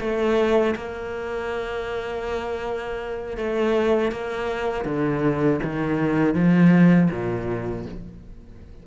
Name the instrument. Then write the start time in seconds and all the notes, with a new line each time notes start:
cello
0.00 A3
0.76 A#3
3.37 A3
4.12 A#3
4.85 D3
5.64 D#3
6.34 F3
7.11 A#2